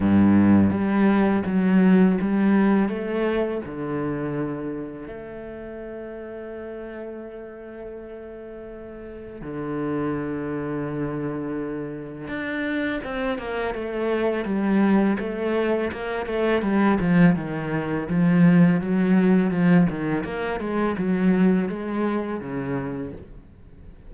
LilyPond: \new Staff \with { instrumentName = "cello" } { \time 4/4 \tempo 4 = 83 g,4 g4 fis4 g4 | a4 d2 a4~ | a1~ | a4 d2.~ |
d4 d'4 c'8 ais8 a4 | g4 a4 ais8 a8 g8 f8 | dis4 f4 fis4 f8 dis8 | ais8 gis8 fis4 gis4 cis4 | }